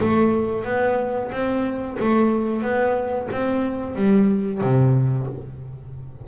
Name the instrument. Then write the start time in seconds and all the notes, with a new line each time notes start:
double bass
0.00 A3
0.65 B3
1.31 C4
1.99 A3
2.62 B3
3.31 C4
3.95 G3
4.61 C3